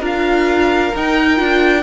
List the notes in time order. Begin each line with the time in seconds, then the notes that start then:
0.00 D4 F4 A#4 F5
0.96 D#4 G5
1.36 D4 F4